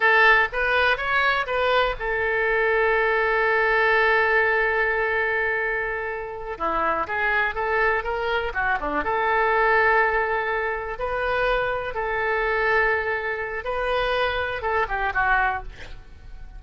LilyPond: \new Staff \with { instrumentName = "oboe" } { \time 4/4 \tempo 4 = 123 a'4 b'4 cis''4 b'4 | a'1~ | a'1~ | a'4. e'4 gis'4 a'8~ |
a'8 ais'4 fis'8 d'8 a'4.~ | a'2~ a'8 b'4.~ | b'8 a'2.~ a'8 | b'2 a'8 g'8 fis'4 | }